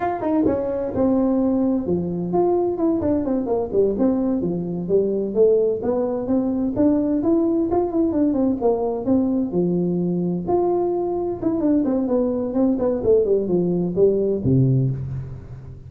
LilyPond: \new Staff \with { instrumentName = "tuba" } { \time 4/4 \tempo 4 = 129 f'8 dis'8 cis'4 c'2 | f4 f'4 e'8 d'8 c'8 ais8 | g8 c'4 f4 g4 a8~ | a8 b4 c'4 d'4 e'8~ |
e'8 f'8 e'8 d'8 c'8 ais4 c'8~ | c'8 f2 f'4.~ | f'8 e'8 d'8 c'8 b4 c'8 b8 | a8 g8 f4 g4 c4 | }